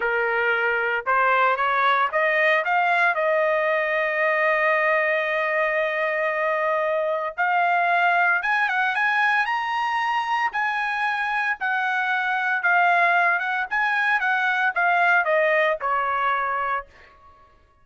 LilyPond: \new Staff \with { instrumentName = "trumpet" } { \time 4/4 \tempo 4 = 114 ais'2 c''4 cis''4 | dis''4 f''4 dis''2~ | dis''1~ | dis''2 f''2 |
gis''8 fis''8 gis''4 ais''2 | gis''2 fis''2 | f''4. fis''8 gis''4 fis''4 | f''4 dis''4 cis''2 | }